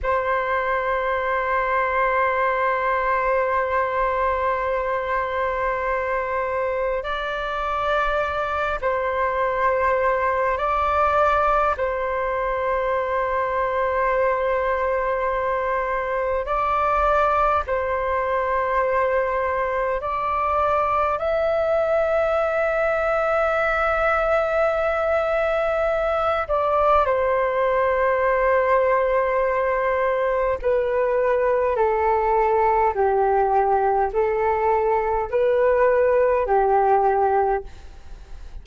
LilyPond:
\new Staff \with { instrumentName = "flute" } { \time 4/4 \tempo 4 = 51 c''1~ | c''2 d''4. c''8~ | c''4 d''4 c''2~ | c''2 d''4 c''4~ |
c''4 d''4 e''2~ | e''2~ e''8 d''8 c''4~ | c''2 b'4 a'4 | g'4 a'4 b'4 g'4 | }